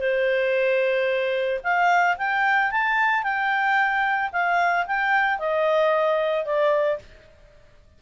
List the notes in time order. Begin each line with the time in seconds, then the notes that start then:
0.00 C5
1.64 F5
2.18 G5
2.71 A5
3.23 G5
4.33 F5
4.87 G5
5.39 D#5
6.46 D5